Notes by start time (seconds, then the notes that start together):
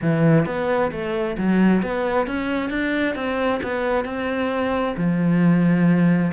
0.01 E3
0.46 B3
0.91 A3
1.37 F#3
1.82 B3
2.26 C#4
2.70 D4
3.15 C4
3.63 B3
4.04 C4
4.96 F3